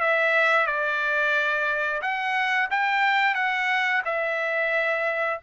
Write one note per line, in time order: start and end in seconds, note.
0.00 0.66 E5
0.66 2.01 D5
2.02 2.69 F#5
2.70 3.35 G5
3.35 4.02 F#5
4.05 5.40 E5